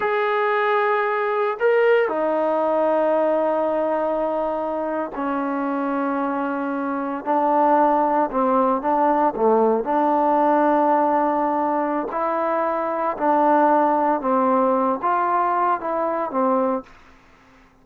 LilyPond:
\new Staff \with { instrumentName = "trombone" } { \time 4/4 \tempo 4 = 114 gis'2. ais'4 | dis'1~ | dis'4.~ dis'16 cis'2~ cis'16~ | cis'4.~ cis'16 d'2 c'16~ |
c'8. d'4 a4 d'4~ d'16~ | d'2. e'4~ | e'4 d'2 c'4~ | c'8 f'4. e'4 c'4 | }